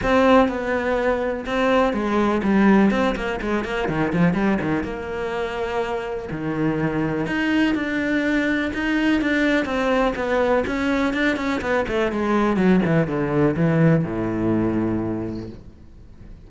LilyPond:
\new Staff \with { instrumentName = "cello" } { \time 4/4 \tempo 4 = 124 c'4 b2 c'4 | gis4 g4 c'8 ais8 gis8 ais8 | dis8 f8 g8 dis8 ais2~ | ais4 dis2 dis'4 |
d'2 dis'4 d'4 | c'4 b4 cis'4 d'8 cis'8 | b8 a8 gis4 fis8 e8 d4 | e4 a,2. | }